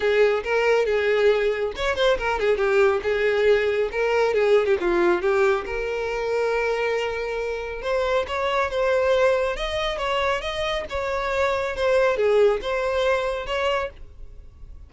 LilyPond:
\new Staff \with { instrumentName = "violin" } { \time 4/4 \tempo 4 = 138 gis'4 ais'4 gis'2 | cis''8 c''8 ais'8 gis'8 g'4 gis'4~ | gis'4 ais'4 gis'8. g'16 f'4 | g'4 ais'2.~ |
ais'2 c''4 cis''4 | c''2 dis''4 cis''4 | dis''4 cis''2 c''4 | gis'4 c''2 cis''4 | }